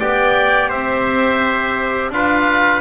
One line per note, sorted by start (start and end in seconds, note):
0.00 0.72 B3
0.00 2.13 G4
0.00 0.70 D5
0.00 0.71 G5
0.70 2.10 C4
0.70 2.11 C5
0.70 2.12 E5
2.10 2.81 D4
2.10 2.81 F4
2.10 2.81 B4
2.10 2.81 F5